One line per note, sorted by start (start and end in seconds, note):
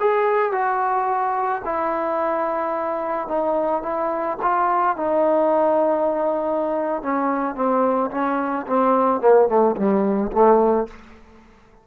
0.00 0.52 G#4
0.52 1.62 F#4
1.65 3.28 E4
3.28 3.83 D#4
3.83 4.38 E4
4.42 4.97 F4
4.97 7.03 D#4
7.03 7.55 C#4
7.55 8.10 C4
8.11 8.66 C#4
8.67 9.21 C4
9.21 9.48 A#3
9.48 9.76 A3
9.76 10.31 G3
10.32 10.87 A3